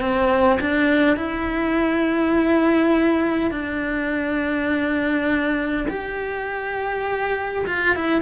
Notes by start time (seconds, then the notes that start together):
0.00 C4
0.60 D4
1.16 E4
3.51 D4
5.88 G4
7.67 F4
7.95 E4